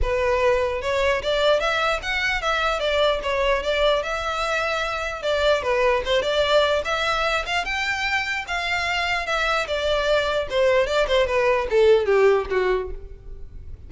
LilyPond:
\new Staff \with { instrumentName = "violin" } { \time 4/4 \tempo 4 = 149 b'2 cis''4 d''4 | e''4 fis''4 e''4 d''4 | cis''4 d''4 e''2~ | e''4 d''4 b'4 c''8 d''8~ |
d''4 e''4. f''8 g''4~ | g''4 f''2 e''4 | d''2 c''4 d''8 c''8 | b'4 a'4 g'4 fis'4 | }